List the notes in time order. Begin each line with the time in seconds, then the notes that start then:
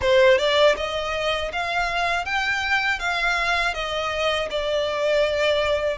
0.01 C5
0.38 D5
0.76 D#5
1.52 F5
2.25 G5
2.99 F5
3.74 D#5
4.50 D5